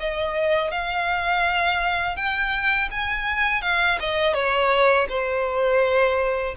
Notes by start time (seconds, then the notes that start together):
0.00 D#5
0.72 F5
2.17 G5
2.91 G#5
3.62 F5
4.00 D#5
4.34 C#5
5.09 C5